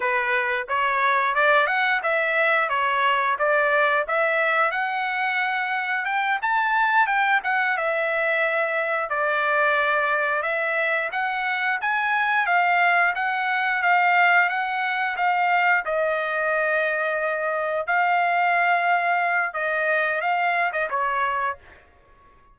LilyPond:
\new Staff \with { instrumentName = "trumpet" } { \time 4/4 \tempo 4 = 89 b'4 cis''4 d''8 fis''8 e''4 | cis''4 d''4 e''4 fis''4~ | fis''4 g''8 a''4 g''8 fis''8 e''8~ | e''4. d''2 e''8~ |
e''8 fis''4 gis''4 f''4 fis''8~ | fis''8 f''4 fis''4 f''4 dis''8~ | dis''2~ dis''8 f''4.~ | f''4 dis''4 f''8. dis''16 cis''4 | }